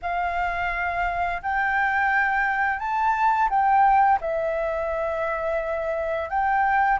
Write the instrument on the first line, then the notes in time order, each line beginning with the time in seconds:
flute
0.02 F5
1.42 G5
2.79 A5
3.49 G5
4.21 E5
6.29 G5